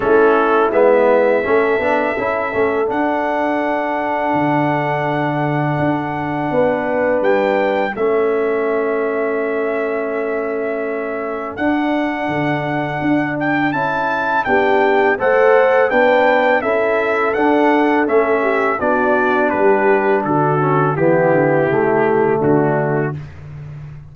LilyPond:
<<
  \new Staff \with { instrumentName = "trumpet" } { \time 4/4 \tempo 4 = 83 a'4 e''2. | fis''1~ | fis''2 g''4 e''4~ | e''1 |
fis''2~ fis''8 g''8 a''4 | g''4 fis''4 g''4 e''4 | fis''4 e''4 d''4 b'4 | a'4 g'2 fis'4 | }
  \new Staff \with { instrumentName = "horn" } { \time 4/4 e'2 a'2~ | a'1~ | a'4 b'2 a'4~ | a'1~ |
a'1 | g'4 c''4 b'4 a'4~ | a'4. g'8 fis'4 g'4 | fis'4 e'2 d'4 | }
  \new Staff \with { instrumentName = "trombone" } { \time 4/4 cis'4 b4 cis'8 d'8 e'8 cis'8 | d'1~ | d'2. cis'4~ | cis'1 |
d'2. e'4 | d'4 a'4 d'4 e'4 | d'4 cis'4 d'2~ | d'8 cis'8 b4 a2 | }
  \new Staff \with { instrumentName = "tuba" } { \time 4/4 a4 gis4 a8 b8 cis'8 a8 | d'2 d2 | d'4 b4 g4 a4~ | a1 |
d'4 d4 d'4 cis'4 | b4 a4 b4 cis'4 | d'4 a4 b4 g4 | d4 e8 d8 cis4 d4 | }
>>